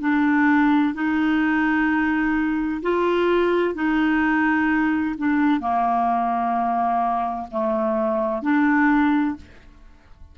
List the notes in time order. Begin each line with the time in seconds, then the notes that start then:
0.00 D4
0.94 D#4
2.82 F4
3.75 D#4
5.17 D4
5.60 A#3
7.51 A3
8.42 D4